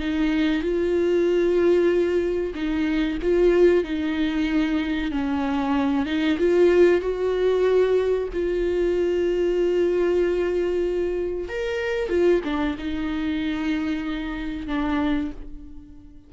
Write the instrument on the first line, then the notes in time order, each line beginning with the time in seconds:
viola
0.00 D#4
0.62 F4
2.55 D#4
3.22 F4
3.84 D#4
5.12 C#4
6.06 D#4
6.39 F4
7.01 F#4
8.33 F4
11.49 A#4
12.10 F4
12.45 D4
12.78 D#4
14.67 D4